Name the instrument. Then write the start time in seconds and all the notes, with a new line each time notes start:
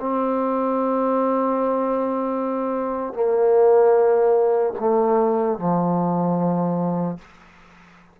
trombone
0.00 C4
3.13 A#3
4.80 A3
5.58 F3